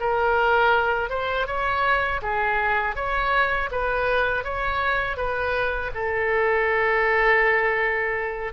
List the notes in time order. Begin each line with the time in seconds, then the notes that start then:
0.00 A#4
1.10 C5
1.47 C#5
2.22 G#4
2.96 C#5
3.71 B4
4.44 C#5
5.17 B4
5.94 A4